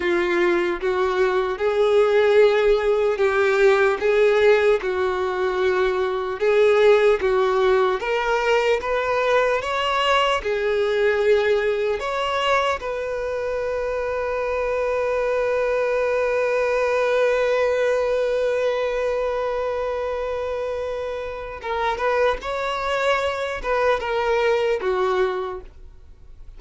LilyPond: \new Staff \with { instrumentName = "violin" } { \time 4/4 \tempo 4 = 75 f'4 fis'4 gis'2 | g'4 gis'4 fis'2 | gis'4 fis'4 ais'4 b'4 | cis''4 gis'2 cis''4 |
b'1~ | b'1~ | b'2. ais'8 b'8 | cis''4. b'8 ais'4 fis'4 | }